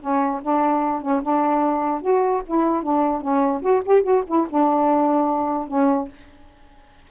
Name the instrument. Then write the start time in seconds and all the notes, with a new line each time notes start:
saxophone
0.00 C#4
0.42 D4
1.01 C#4
1.22 D4
2.01 F#4
2.46 E4
2.82 D4
3.21 C#4
3.62 F#4
3.85 G4
4.03 F#4
4.27 E4
4.49 D4
5.68 C#4